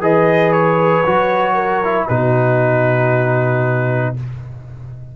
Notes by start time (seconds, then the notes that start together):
0.00 E3 G#4 B4 D#5
0.52 C#5
1.05 F#3 F#4
1.54 A#4
1.83 E4
2.07 B2 D#4 F#4 B4